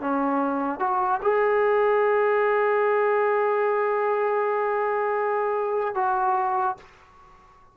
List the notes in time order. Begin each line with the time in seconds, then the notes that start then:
0.00 C#4
0.80 F#4
1.22 G#4
5.95 F#4